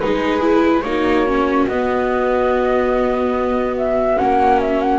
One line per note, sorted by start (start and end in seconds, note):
0.00 0.83 G#3
0.00 0.41 D#4
0.00 0.86 G#4
0.00 0.82 B4
0.41 0.82 E4
0.82 1.67 A#3
0.82 1.27 D#4
0.82 4.99 F#4
0.82 1.65 C#5
1.27 1.68 C#4
1.67 4.17 B3
1.67 4.18 B3
1.67 3.76 D#5
3.77 4.18 E5
4.18 4.99 A#3
4.18 4.99 C#4
4.18 4.60 F#5
4.61 4.81 E5
4.81 4.99 F#5